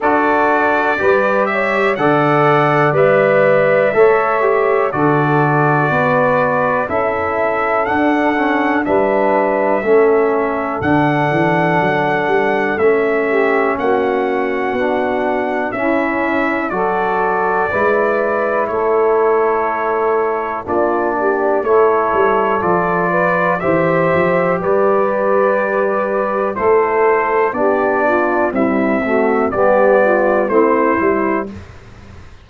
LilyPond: <<
  \new Staff \with { instrumentName = "trumpet" } { \time 4/4 \tempo 4 = 61 d''4. e''8 fis''4 e''4~ | e''4 d''2 e''4 | fis''4 e''2 fis''4~ | fis''4 e''4 fis''2 |
e''4 d''2 cis''4~ | cis''4 d''4 cis''4 d''4 | e''4 d''2 c''4 | d''4 e''4 d''4 c''4 | }
  \new Staff \with { instrumentName = "saxophone" } { \time 4/4 a'4 b'8 cis''8 d''2 | cis''4 a'4 b'4 a'4~ | a'4 b'4 a'2~ | a'4. g'8 fis'2 |
e'4 a'4 b'4 a'4~ | a'4 f'8 g'8 a'4. b'8 | c''4 b'2 a'4 | g'8 f'8 e'8 fis'8 g'8 f'8 e'4 | }
  \new Staff \with { instrumentName = "trombone" } { \time 4/4 fis'4 g'4 a'4 b'4 | a'8 g'8 fis'2 e'4 | d'8 cis'8 d'4 cis'4 d'4~ | d'4 cis'2 d'4 |
cis'4 fis'4 e'2~ | e'4 d'4 e'4 f'4 | g'2. e'4 | d'4 g8 a8 b4 c'8 e'8 | }
  \new Staff \with { instrumentName = "tuba" } { \time 4/4 d'4 g4 d4 g4 | a4 d4 b4 cis'4 | d'4 g4 a4 d8 e8 | fis8 g8 a4 ais4 b4 |
cis'4 fis4 gis4 a4~ | a4 ais4 a8 g8 f4 | e8 f8 g2 a4 | b4 c'4 g4 a8 g8 | }
>>